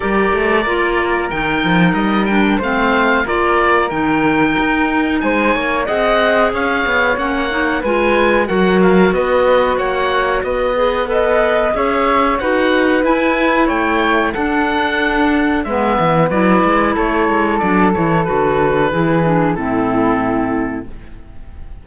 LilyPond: <<
  \new Staff \with { instrumentName = "oboe" } { \time 4/4 \tempo 4 = 92 d''2 g''4 dis''8 g''8 | f''4 d''4 g''2 | gis''4 fis''4 f''4 fis''4 | gis''4 fis''8 f''8 dis''4 fis''4 |
dis''4 b'4 e''4 fis''4 | gis''4 g''4 fis''2 | e''4 d''4 cis''4 d''8 cis''8 | b'2 a'2 | }
  \new Staff \with { instrumentName = "flute" } { \time 4/4 ais'1 | c''4 ais'2. | c''8 cis''8 dis''4 cis''2 | b'4 ais'4 b'4 cis''4 |
b'4 dis''4 cis''4 b'4~ | b'4 cis''4 a'2 | b'2 a'2~ | a'4 gis'4 e'2 | }
  \new Staff \with { instrumentName = "clarinet" } { \time 4/4 g'4 f'4 dis'4. d'8 | c'4 f'4 dis'2~ | dis'4 gis'2 cis'8 dis'8 | f'4 fis'2.~ |
fis'8 gis'8 a'4 gis'4 fis'4 | e'2 d'2 | b4 e'2 d'8 e'8 | fis'4 e'8 d'8 c'2 | }
  \new Staff \with { instrumentName = "cello" } { \time 4/4 g8 a8 ais4 dis8 f8 g4 | a4 ais4 dis4 dis'4 | gis8 ais8 c'4 cis'8 b8 ais4 | gis4 fis4 b4 ais4 |
b2 cis'4 dis'4 | e'4 a4 d'2 | gis8 e8 fis8 gis8 a8 gis8 fis8 e8 | d4 e4 a,2 | }
>>